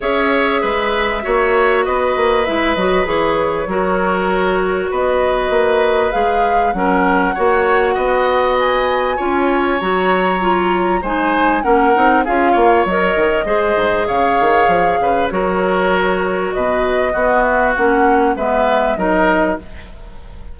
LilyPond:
<<
  \new Staff \with { instrumentName = "flute" } { \time 4/4 \tempo 4 = 98 e''2. dis''4 | e''8 dis''8 cis''2. | dis''2 f''4 fis''4~ | fis''2 gis''2 |
ais''2 gis''4 fis''4 | f''4 dis''2 f''4~ | f''4 cis''2 dis''4~ | dis''8 e''8 fis''4 e''4 dis''4 | }
  \new Staff \with { instrumentName = "oboe" } { \time 4/4 cis''4 b'4 cis''4 b'4~ | b'2 ais'2 | b'2. ais'4 | cis''4 dis''2 cis''4~ |
cis''2 c''4 ais'4 | gis'8 cis''4. c''4 cis''4~ | cis''8 b'8 ais'2 b'4 | fis'2 b'4 ais'4 | }
  \new Staff \with { instrumentName = "clarinet" } { \time 4/4 gis'2 fis'2 | e'8 fis'8 gis'4 fis'2~ | fis'2 gis'4 cis'4 | fis'2. f'4 |
fis'4 f'4 dis'4 cis'8 dis'8 | f'4 ais'4 gis'2~ | gis'4 fis'2. | b4 cis'4 b4 dis'4 | }
  \new Staff \with { instrumentName = "bassoon" } { \time 4/4 cis'4 gis4 ais4 b8 ais8 | gis8 fis8 e4 fis2 | b4 ais4 gis4 fis4 | ais4 b2 cis'4 |
fis2 gis4 ais8 c'8 | cis'8 ais8 fis8 dis8 gis8 gis,8 cis8 dis8 | f8 cis8 fis2 b,4 | b4 ais4 gis4 fis4 | }
>>